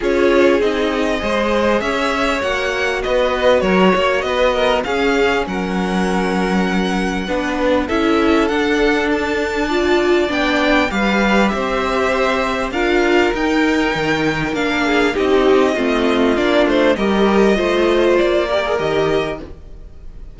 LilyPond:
<<
  \new Staff \with { instrumentName = "violin" } { \time 4/4 \tempo 4 = 99 cis''4 dis''2 e''4 | fis''4 dis''4 cis''4 dis''4 | f''4 fis''2.~ | fis''4 e''4 fis''4 a''4~ |
a''4 g''4 f''4 e''4~ | e''4 f''4 g''2 | f''4 dis''2 d''8 c''8 | dis''2 d''4 dis''4 | }
  \new Staff \with { instrumentName = "violin" } { \time 4/4 gis'2 c''4 cis''4~ | cis''4 b'4 ais'8 cis''8 b'8 ais'8 | gis'4 ais'2. | b'4 a'2. |
d''2 b'4 c''4~ | c''4 ais'2.~ | ais'8 gis'8 g'4 f'2 | ais'4 c''4. ais'4. | }
  \new Staff \with { instrumentName = "viola" } { \time 4/4 f'4 dis'4 gis'2 | fis'1 | cis'1 | d'4 e'4 d'2 |
f'4 d'4 g'2~ | g'4 f'4 dis'2 | d'4 dis'4 c'4 d'4 | g'4 f'4. g'16 gis'16 g'4 | }
  \new Staff \with { instrumentName = "cello" } { \time 4/4 cis'4 c'4 gis4 cis'4 | ais4 b4 fis8 ais8 b4 | cis'4 fis2. | b4 cis'4 d'2~ |
d'4 b4 g4 c'4~ | c'4 d'4 dis'4 dis4 | ais4 c'4 a4 ais8 a8 | g4 a4 ais4 dis4 | }
>>